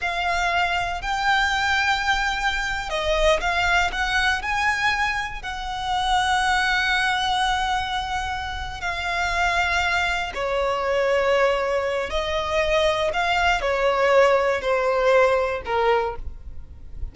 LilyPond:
\new Staff \with { instrumentName = "violin" } { \time 4/4 \tempo 4 = 119 f''2 g''2~ | g''4.~ g''16 dis''4 f''4 fis''16~ | fis''8. gis''2 fis''4~ fis''16~ | fis''1~ |
fis''4. f''2~ f''8~ | f''8 cis''2.~ cis''8 | dis''2 f''4 cis''4~ | cis''4 c''2 ais'4 | }